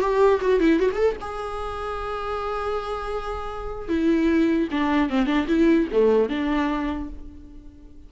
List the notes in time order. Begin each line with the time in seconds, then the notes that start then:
0.00 G4
0.41 F#4
0.60 E4
0.79 F#4
0.91 G#4 A4
1.21 G#4
3.88 E4
4.71 D4
5.09 C4
5.26 D4
5.47 E4
5.92 A3
6.29 D4